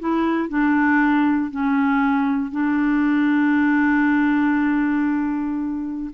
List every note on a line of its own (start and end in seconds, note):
0.00 0.49 E4
0.49 1.51 D4
1.51 2.52 C#4
2.52 6.11 D4